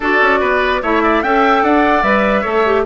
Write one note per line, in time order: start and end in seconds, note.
0.00 0.19 D4
0.00 0.83 F#4
0.00 0.39 A4
0.00 0.82 D5
0.21 0.41 C#4
0.40 0.82 B3
0.40 0.81 B4
0.82 1.22 A3
0.82 1.23 E4
0.82 1.02 C#5
0.82 1.23 E5
1.02 1.23 D5
1.22 1.63 C#4
1.22 2.04 A4
1.22 1.63 E5
1.22 1.63 G5
1.63 2.02 D4
1.63 2.41 D5
1.63 2.02 F#5
2.02 2.43 G3
2.02 2.44 B4
2.02 2.84 E5
2.41 2.85 A3
2.41 2.64 A4
2.41 2.81 C#5
2.65 2.85 G4